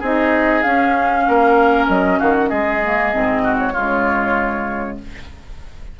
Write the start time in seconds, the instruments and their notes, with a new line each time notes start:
0.00 bassoon C4, clarinet D#4, oboe G#4, flute D#5
0.63 clarinet C#4, bassoon C#4, flute F5
1.28 bassoon A#3, oboe A#4
1.89 bassoon F#3, flute D#5
2.20 bassoon D#3, oboe F#4, flute F5
2.36 flute F#5
2.48 bassoon G#3, oboe G#4, flute D#5
2.84 clarinet A#3
3.13 bassoon G#2, clarinet C4
3.44 oboe F#4
3.59 flute C#5
3.73 bassoon C#3, clarinet G#3, oboe F4